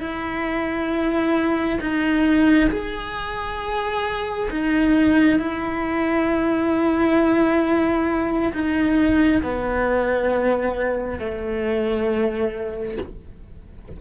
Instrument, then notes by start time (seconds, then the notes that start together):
cello
0.00 E4
1.81 D#4
2.70 G#4
4.50 D#4
5.39 E4
8.53 D#4
9.43 B3
11.19 A3